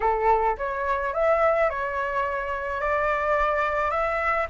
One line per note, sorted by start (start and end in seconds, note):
0.00 0.56 A4
0.57 1.13 C#5
1.13 1.69 E5
1.69 2.80 C#5
2.80 3.90 D5
3.90 4.47 E5